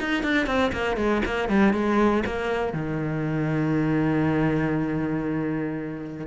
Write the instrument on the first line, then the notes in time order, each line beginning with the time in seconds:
cello
0.00 D#4
0.23 D4
0.47 C4
0.72 A#3
0.97 G#3
1.25 A#3
1.49 G3
1.73 G#3
2.26 A#3
2.73 D#3